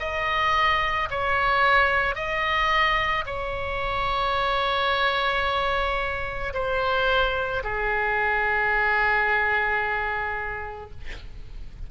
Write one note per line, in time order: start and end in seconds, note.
0.00 1.09 D#5
1.11 2.15 C#5
2.15 3.24 D#5
3.26 6.53 C#5
6.54 7.63 C5
7.64 10.91 G#4